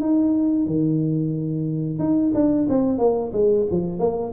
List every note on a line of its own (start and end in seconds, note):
0.00 0.66 D#4
0.66 1.98 D#3
1.98 2.32 D#4
2.34 2.67 D4
2.68 2.98 C4
2.98 3.31 A#3
3.32 3.66 G#3
3.71 3.98 F3
3.98 4.32 A#3